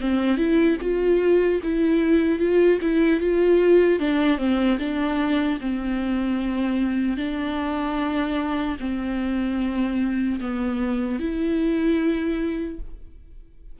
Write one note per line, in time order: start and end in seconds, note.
0.00 0.37 C4
0.37 0.77 E4
0.81 1.61 F4
1.63 2.39 E4
2.39 2.79 F4
2.81 3.20 E4
3.20 3.99 F4
3.99 4.38 D4
4.38 4.78 C4
4.79 5.59 D4
5.61 7.17 C4
7.17 8.77 D4
8.80 10.40 C4
10.40 11.19 B3
11.19 12.79 E4